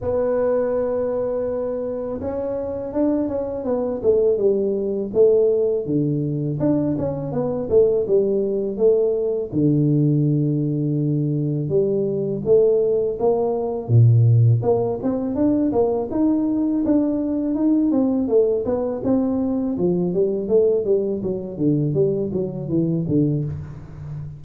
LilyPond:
\new Staff \with { instrumentName = "tuba" } { \time 4/4 \tempo 4 = 82 b2. cis'4 | d'8 cis'8 b8 a8 g4 a4 | d4 d'8 cis'8 b8 a8 g4 | a4 d2. |
g4 a4 ais4 ais,4 | ais8 c'8 d'8 ais8 dis'4 d'4 | dis'8 c'8 a8 b8 c'4 f8 g8 | a8 g8 fis8 d8 g8 fis8 e8 d8 | }